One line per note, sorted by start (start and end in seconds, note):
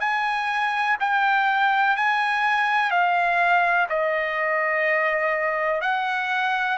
0.00 0.97 G#5
1.00 1.96 G5
1.96 2.90 G#5
2.90 3.87 F5
3.89 5.81 D#5
5.81 6.77 F#5